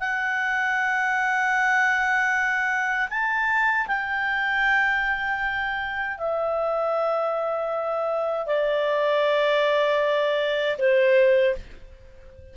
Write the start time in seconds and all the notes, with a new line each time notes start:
0.00 F#5
3.09 A5
3.87 G5
6.17 E5
8.46 D5
10.78 C5